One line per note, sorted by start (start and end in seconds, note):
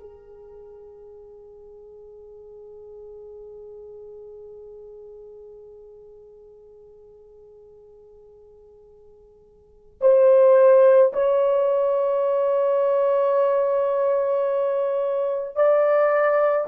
0.00 10.00 G#4
10.02 11.13 C5
11.14 15.56 C#5
15.56 16.67 D5